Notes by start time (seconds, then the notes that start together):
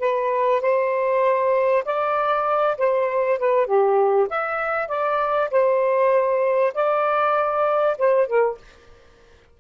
0.00 B4
0.61 C5
1.85 D5
2.78 C5
3.39 B4
3.66 G4
4.30 E5
4.88 D5
5.51 C5
6.74 D5
7.98 C5
8.27 A#4